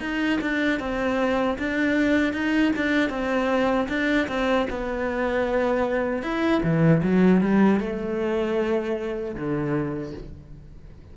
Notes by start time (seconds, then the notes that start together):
0.00 D#4
0.41 D4
0.79 C4
1.58 D4
2.33 D#4
2.76 D4
3.10 C4
3.88 D4
4.28 C4
4.70 B3
6.23 E4
6.63 E3
7.02 F#3
7.41 G3
7.80 A3
9.35 D3